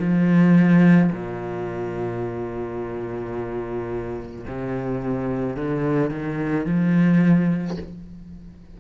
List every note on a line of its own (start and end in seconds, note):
0.00 1.11 F3
1.12 4.45 A#2
4.47 5.57 C3
5.57 6.11 D3
6.11 6.66 D#3
6.66 7.77 F3